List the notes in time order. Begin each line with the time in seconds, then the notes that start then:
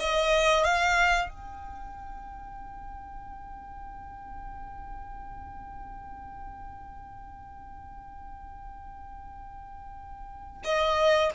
0.00 D#5
0.64 F5
1.29 G5
10.64 D#5